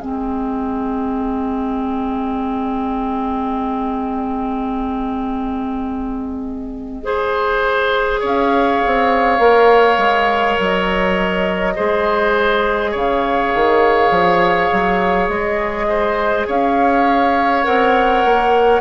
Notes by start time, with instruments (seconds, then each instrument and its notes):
0.00 bassoon G#3, clarinet C4, oboe G#4, flute D#5
7.04 clarinet G#4, oboe C5
8.21 bassoon C#4, oboe C#5, flute F5
8.86 bassoon C4
9.39 bassoon A#3, clarinet A#4
9.98 bassoon G#3
10.60 bassoon F#3, flute D#5
11.76 bassoon G#3, clarinet G#4, oboe C5
12.91 bassoon C#3, oboe C#5, flute F5
13.55 bassoon D#3
14.11 bassoon F3
14.73 bassoon F#3
15.29 bassoon G#3, flute D#5
15.89 oboe C5
16.47 bassoon C#4, oboe C#5, flute F5
17.64 bassoon C4, clarinet A#4, flute F#5
18.25 bassoon A#3